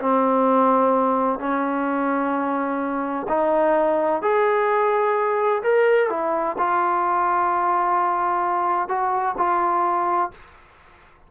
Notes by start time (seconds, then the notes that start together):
0.00 C4
1.39 C#4
3.28 D#4
4.22 G#4
5.62 A#4
6.09 E4
6.58 F4
8.88 F#4
9.37 F4